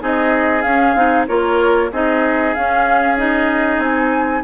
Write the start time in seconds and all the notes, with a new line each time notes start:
0.00 C4 D#4 G#4 D#5
0.61 C#4 F5
0.95 C4 D#4
1.27 A#3 F4 A#4 C#5
1.92 C4 D#4 G#4 D#5
2.54 C#4 F5
3.17 D#4 D#5
3.78 C4 G#5